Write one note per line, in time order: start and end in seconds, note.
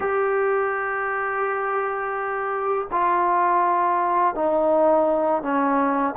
0.00 2.87 G4
2.91 4.34 F4
4.34 5.42 D#4
5.42 6.14 C#4